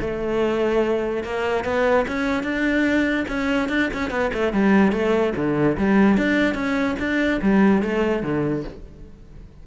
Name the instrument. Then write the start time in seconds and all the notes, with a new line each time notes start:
cello
0.00 A3
1.23 A#3
1.64 B3
2.07 C#4
2.43 D4
3.28 C#4
3.69 D4
3.93 C#4
4.10 B3
4.33 A3
4.53 G3
4.92 A3
5.36 D3
5.77 G3
6.17 D4
6.54 C#4
6.99 D4
7.41 G3
7.82 A3
8.22 D3